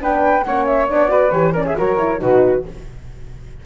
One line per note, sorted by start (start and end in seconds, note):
0.00 0.44 B3
0.00 0.44 D4
0.00 0.45 B4
0.00 0.43 G5
0.43 0.90 A#3
0.43 0.89 C#4
0.43 1.10 C#5
0.43 0.65 F#5
0.65 0.87 E5
0.88 1.31 B3
0.88 1.08 D4
0.88 1.30 D5
1.08 1.30 F#4
1.08 1.53 B4
1.30 1.75 E3
1.30 1.54 G4
1.30 1.52 C#5
1.53 1.75 C#4
1.53 1.64 A#4
1.53 1.66 D5
1.66 1.76 G#4
1.66 1.77 E5
1.75 2.22 F#3
1.75 1.97 F#4
1.75 2.19 A#4
1.75 2.21 C#5
1.98 2.18 E4
2.18 2.65 B2
2.18 2.62 D#4
2.18 2.63 F#4
2.18 2.65 B4